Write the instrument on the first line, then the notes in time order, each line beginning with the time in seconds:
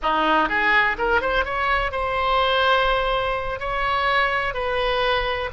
oboe
0.02 D#4
0.48 G#4
0.98 A#4
1.21 C5
1.44 C#5
1.91 C5
3.59 C#5
4.54 B4